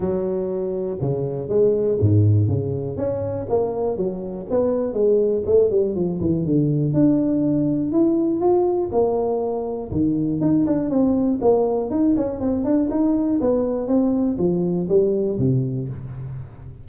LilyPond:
\new Staff \with { instrumentName = "tuba" } { \time 4/4 \tempo 4 = 121 fis2 cis4 gis4 | gis,4 cis4 cis'4 ais4 | fis4 b4 gis4 a8 g8 | f8 e8 d4 d'2 |
e'4 f'4 ais2 | dis4 dis'8 d'8 c'4 ais4 | dis'8 cis'8 c'8 d'8 dis'4 b4 | c'4 f4 g4 c4 | }